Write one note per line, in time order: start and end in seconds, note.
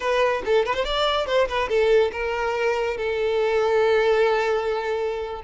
0.00 0.43 B4
0.45 0.65 A4
0.65 0.74 B4
0.74 0.85 C5
0.85 1.26 D5
1.26 1.47 C5
1.48 1.68 B4
1.68 2.11 A4
2.12 2.97 A#4
2.97 5.42 A4